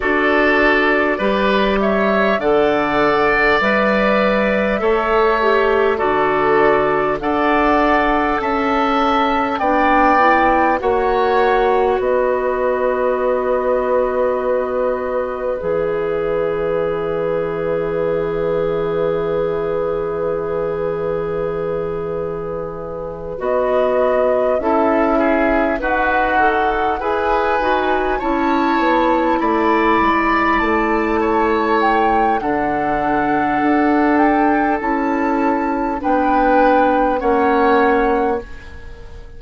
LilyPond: <<
  \new Staff \with { instrumentName = "flute" } { \time 4/4 \tempo 4 = 50 d''4. e''8 fis''4 e''4~ | e''4 d''4 fis''4 a''4 | g''4 fis''4 dis''2~ | dis''4 e''2.~ |
e''2.~ e''8 dis''8~ | dis''8 e''4 fis''4 gis''4 a''8~ | a''8 b''4 a''4 g''8 fis''4~ | fis''8 g''8 a''4 g''4 fis''4 | }
  \new Staff \with { instrumentName = "oboe" } { \time 4/4 a'4 b'8 cis''8 d''2 | cis''4 a'4 d''4 e''4 | d''4 cis''4 b'2~ | b'1~ |
b'1~ | b'8 a'8 gis'8 fis'4 b'4 cis''8~ | cis''8 d''4. cis''4 a'4~ | a'2 b'4 cis''4 | }
  \new Staff \with { instrumentName = "clarinet" } { \time 4/4 fis'4 g'4 a'4 b'4 | a'8 g'8 fis'4 a'2 | d'8 e'8 fis'2.~ | fis'4 gis'2.~ |
gis'2.~ gis'8 fis'8~ | fis'8 e'4 b'8 a'8 gis'8 fis'8 e'8~ | e'2. d'4~ | d'4 e'4 d'4 cis'4 | }
  \new Staff \with { instrumentName = "bassoon" } { \time 4/4 d'4 g4 d4 g4 | a4 d4 d'4 cis'4 | b4 ais4 b2~ | b4 e2.~ |
e2.~ e8 b8~ | b8 cis'4 dis'4 e'8 dis'8 cis'8 | b8 a8 gis8 a4. d4 | d'4 cis'4 b4 ais4 | }
>>